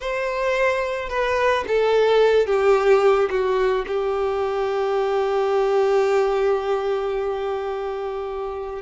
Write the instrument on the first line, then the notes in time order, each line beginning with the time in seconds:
violin
0.01 C5
1.09 B4
1.67 A4
2.46 G4
3.30 F#4
3.87 G4